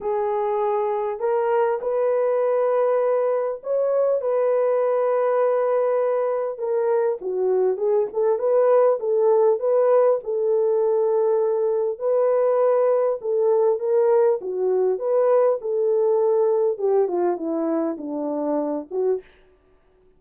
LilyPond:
\new Staff \with { instrumentName = "horn" } { \time 4/4 \tempo 4 = 100 gis'2 ais'4 b'4~ | b'2 cis''4 b'4~ | b'2. ais'4 | fis'4 gis'8 a'8 b'4 a'4 |
b'4 a'2. | b'2 a'4 ais'4 | fis'4 b'4 a'2 | g'8 f'8 e'4 d'4. fis'8 | }